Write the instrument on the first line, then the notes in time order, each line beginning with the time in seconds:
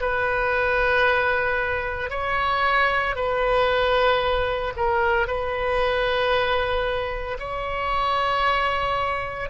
oboe
0.00 B4
2.10 C#5
3.15 B4
4.76 A#4
5.27 B4
7.39 C#5